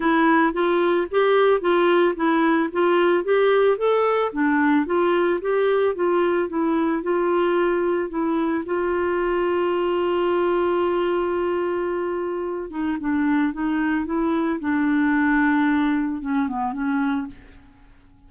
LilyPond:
\new Staff \with { instrumentName = "clarinet" } { \time 4/4 \tempo 4 = 111 e'4 f'4 g'4 f'4 | e'4 f'4 g'4 a'4 | d'4 f'4 g'4 f'4 | e'4 f'2 e'4 |
f'1~ | f'2.~ f'8 dis'8 | d'4 dis'4 e'4 d'4~ | d'2 cis'8 b8 cis'4 | }